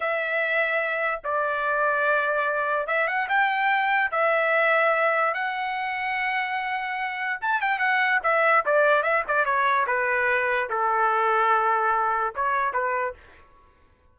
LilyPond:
\new Staff \with { instrumentName = "trumpet" } { \time 4/4 \tempo 4 = 146 e''2. d''4~ | d''2. e''8 fis''8 | g''2 e''2~ | e''4 fis''2.~ |
fis''2 a''8 g''8 fis''4 | e''4 d''4 e''8 d''8 cis''4 | b'2 a'2~ | a'2 cis''4 b'4 | }